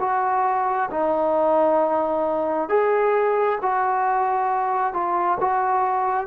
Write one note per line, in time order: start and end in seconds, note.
0.00 0.90 F#4
0.91 2.69 D#4
2.69 3.59 G#4
3.62 4.93 F#4
4.93 5.38 F4
5.40 6.27 F#4